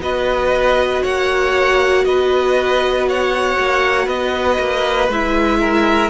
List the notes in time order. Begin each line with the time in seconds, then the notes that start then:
0.00 B3 F#4 B4 D#5
1.02 A#3 C#5 F#5
2.05 B3 B4 D#5
3.09 C#5 F#5
3.60 A#3
4.06 B3 B4 D#5
4.59 A#3
5.08 G#3 E4 E5
5.60 A#4